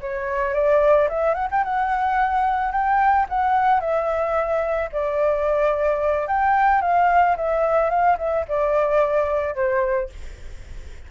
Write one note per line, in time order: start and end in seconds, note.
0.00 0.54 C#5
0.54 1.08 D5
1.09 1.34 E5
1.34 1.48 F#5
1.51 1.63 G5
1.63 2.71 F#5
2.71 3.26 G5
3.29 3.80 F#5
3.80 4.89 E5
4.92 6.27 D5
6.27 6.81 G5
6.81 7.36 F5
7.36 7.90 E5
7.90 8.17 F5
8.18 8.45 E5
8.48 9.55 D5
9.55 10.09 C5